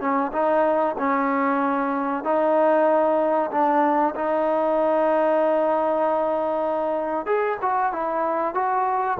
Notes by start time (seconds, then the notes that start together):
0.00 C#4
0.32 D#4
0.98 C#4
2.24 D#4
3.51 D4
4.15 D#4
7.26 G#4
7.62 F#4
7.93 E4
8.54 F#4